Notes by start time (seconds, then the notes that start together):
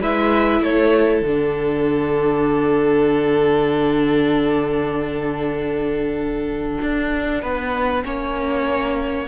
0.00 G#3 E4 B4 E5
0.61 A3 A4 C#5
1.21 D3 D4 F#5
6.82 D4
7.42 B3 B4
8.02 A#3 C#4 C#5